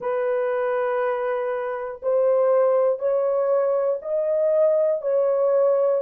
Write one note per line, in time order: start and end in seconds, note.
0.00 2.00 B4
2.02 2.99 C5
2.99 3.99 C#5
4.02 5.01 D#5
5.01 6.01 C#5